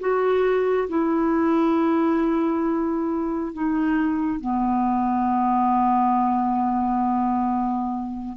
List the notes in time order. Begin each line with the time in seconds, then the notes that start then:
0.00 F#4
0.89 E4
3.53 D#4
4.40 B3